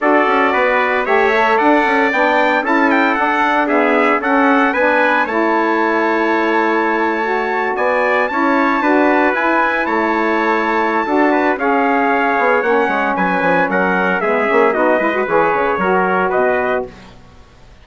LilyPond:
<<
  \new Staff \with { instrumentName = "trumpet" } { \time 4/4 \tempo 4 = 114 d''2 e''4 fis''4 | g''4 a''8 g''8 fis''4 e''4 | fis''4 gis''4 a''2~ | a''2~ a''8. gis''4 a''16~ |
a''4.~ a''16 gis''4 a''4~ a''16~ | a''2 f''2 | fis''4 gis''4 fis''4 e''4 | dis''4 cis''2 dis''4 | }
  \new Staff \with { instrumentName = "trumpet" } { \time 4/4 a'4 b'4 cis''4 d''4~ | d''4 a'2 gis'4 | a'4 b'4 cis''2~ | cis''2~ cis''8. d''4 cis''16~ |
cis''8. b'2 cis''4~ cis''16~ | cis''4 a'8 b'8 cis''2~ | cis''4 b'4 ais'4 gis'4 | fis'8 b'4. ais'4 b'4 | }
  \new Staff \with { instrumentName = "saxophone" } { \time 4/4 fis'2 g'8 a'4. | d'4 e'4 d'4 b4 | cis'4 d'4 e'2~ | e'4.~ e'16 fis'2 e'16~ |
e'8. fis'4 e'2~ e'16~ | e'4 fis'4 gis'2 | cis'2. b8 cis'8 | dis'8 e'16 fis'16 gis'4 fis'2 | }
  \new Staff \with { instrumentName = "bassoon" } { \time 4/4 d'8 cis'8 b4 a4 d'8 cis'8 | b4 cis'4 d'2 | cis'4 b4 a2~ | a2~ a8. b4 cis'16~ |
cis'8. d'4 e'4 a4~ a16~ | a4 d'4 cis'4. b8 | ais8 gis8 fis8 f8 fis4 gis8 ais8 | b8 gis8 e8 cis8 fis4 b,4 | }
>>